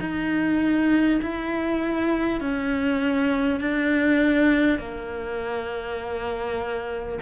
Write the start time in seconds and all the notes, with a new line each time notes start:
0.00 D#4
1.22 E4
2.41 C#4
3.60 D4
4.78 A#3